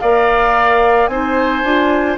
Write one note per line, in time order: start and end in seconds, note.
0.00 1.07 A#3
0.00 1.10 A#4
0.00 1.10 D5
0.00 1.07 F5
1.07 1.62 C4
1.07 1.64 D#4
1.07 2.17 C5
1.07 2.16 G#5
1.62 2.17 D4
1.62 2.17 F4